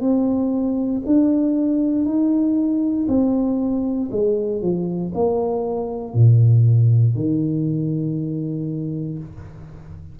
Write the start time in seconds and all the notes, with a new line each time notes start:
0.00 C4
1.06 D4
2.05 D#4
3.08 C4
4.11 G#3
4.61 F3
5.14 A#3
6.14 A#2
7.15 D#3